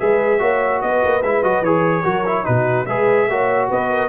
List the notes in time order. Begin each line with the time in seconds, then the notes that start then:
0.00 G#3 G#4 B4 E5
0.39 A#3 F#4 C#5
0.81 B3 B4 D#5
1.05 A#3
1.23 G#3 E4 E5
1.44 F#3 F#4 D#5
1.62 E3 G#4 C#5
2.04 F#3 F#4 A#4
2.26 E4
2.45 B2 D#4 F#4 B4
2.86 G#3 G#4 B4 E5
3.28 A#3 F#4 C#5
3.69 B3 B4 D#5
3.90 A#4